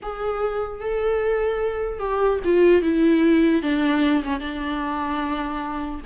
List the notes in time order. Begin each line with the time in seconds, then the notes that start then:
0.02 G#4
0.80 A4
1.99 G4
2.44 F4
2.82 E4
3.62 D4
4.23 C#4
4.39 D4